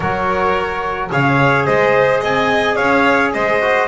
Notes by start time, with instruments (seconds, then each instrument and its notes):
0.00 double bass F#3, trombone F#4, violin A#4, trumpet C#5
1.11 double bass C#3, trombone G#4, violin C#5, trumpet F5
1.65 double bass G#3, violin C5, trumpet D#5
2.20 double bass C4, violin D#5, trumpet G#5
2.75 double bass C#4, violin C#5, trumpet F5
3.33 double bass G#3, violin C5, trumpet D#5
3.60 trombone F#4